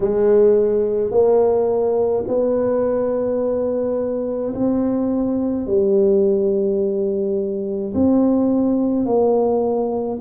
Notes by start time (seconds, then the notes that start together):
0.00 G#3
1.10 A#3
2.27 B3
4.54 C4
5.67 G3
7.94 C4
9.05 A#3